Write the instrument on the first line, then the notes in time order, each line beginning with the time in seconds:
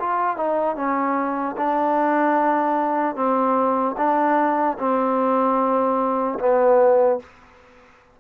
trombone
0.00 F4
0.37 D#4
0.76 C#4
1.57 D4
3.16 C4
3.98 D4
4.79 C4
6.40 B3